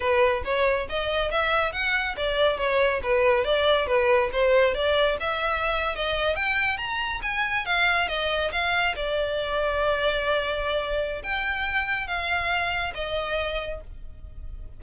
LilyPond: \new Staff \with { instrumentName = "violin" } { \time 4/4 \tempo 4 = 139 b'4 cis''4 dis''4 e''4 | fis''4 d''4 cis''4 b'4 | d''4 b'4 c''4 d''4 | e''4.~ e''16 dis''4 g''4 ais''16~ |
ais''8. gis''4 f''4 dis''4 f''16~ | f''8. d''2.~ d''16~ | d''2 g''2 | f''2 dis''2 | }